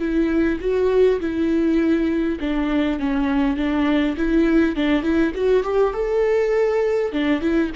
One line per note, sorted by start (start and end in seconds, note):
0.00 0.59 E4
0.61 1.20 F#4
1.21 2.40 E4
2.41 3.00 D4
3.00 3.57 C#4
3.57 4.16 D4
4.17 4.76 E4
4.76 5.03 D4
5.03 5.33 E4
5.35 5.64 F#4
5.64 5.94 G4
5.94 7.13 A4
7.13 7.41 D4
7.41 7.71 E4